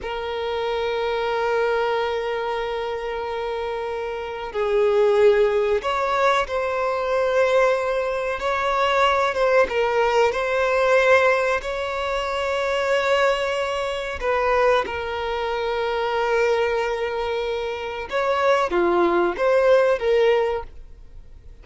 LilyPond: \new Staff \with { instrumentName = "violin" } { \time 4/4 \tempo 4 = 93 ais'1~ | ais'2. gis'4~ | gis'4 cis''4 c''2~ | c''4 cis''4. c''8 ais'4 |
c''2 cis''2~ | cis''2 b'4 ais'4~ | ais'1 | cis''4 f'4 c''4 ais'4 | }